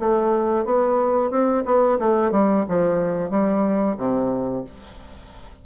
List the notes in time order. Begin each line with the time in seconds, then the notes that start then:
0.00 A3
0.65 B3
1.31 C4
1.66 B3
2.00 A3
2.32 G3
2.69 F3
3.31 G3
3.98 C3